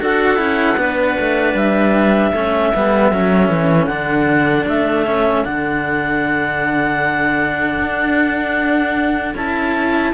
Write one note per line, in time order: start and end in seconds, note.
0.00 0.39 D4
0.00 0.37 F#4
0.00 0.79 A4
0.00 1.56 F#5
0.37 0.77 C#4
0.37 0.75 E4
0.77 1.16 B3
0.77 2.34 D4
0.77 2.32 B4
1.20 1.54 A3
1.54 2.32 G3
1.54 3.86 E5
2.32 2.72 A3
2.32 2.74 C#4
2.32 10.11 A4
2.74 3.11 G3
2.74 3.12 B3
3.11 3.50 F#3
3.11 3.90 C#4
3.50 3.87 E3
3.86 4.65 D3
3.86 5.06 D4
3.86 4.64 F#5
4.66 5.44 A3
4.66 5.44 E5
5.06 5.45 C#4
5.44 7.80 D3
5.44 9.34 D4
5.44 9.34 F#5
7.80 9.35 D4
9.35 10.13 C#4
9.35 10.14 E4
9.35 10.14 A5